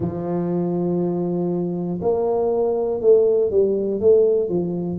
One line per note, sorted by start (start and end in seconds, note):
0.00 2.00 F3
2.01 3.00 A#3
3.00 3.50 A3
3.50 4.00 G3
4.00 4.49 A3
4.49 4.99 F3